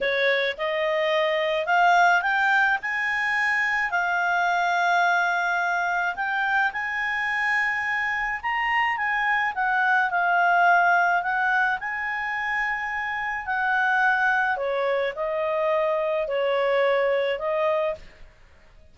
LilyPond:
\new Staff \with { instrumentName = "clarinet" } { \time 4/4 \tempo 4 = 107 cis''4 dis''2 f''4 | g''4 gis''2 f''4~ | f''2. g''4 | gis''2. ais''4 |
gis''4 fis''4 f''2 | fis''4 gis''2. | fis''2 cis''4 dis''4~ | dis''4 cis''2 dis''4 | }